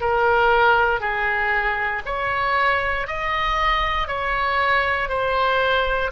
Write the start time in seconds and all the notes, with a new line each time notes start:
0.00 A#4
1.00 G#4
2.05 C#5
3.07 D#5
4.07 C#5
5.08 C5